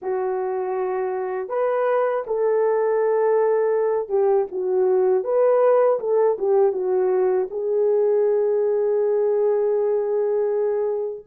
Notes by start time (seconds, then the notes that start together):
0.02 F#4
1.49 B4
2.27 A4
4.09 G4
4.51 F#4
5.24 B4
5.99 A4
6.38 G4
6.72 F#4
7.50 G#4